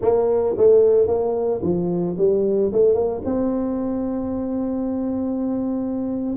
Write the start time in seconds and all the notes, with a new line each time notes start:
0.01 A#3
0.57 A3
1.07 A#3
1.62 F3
2.17 G3
2.72 A3
2.94 A#3
3.24 C4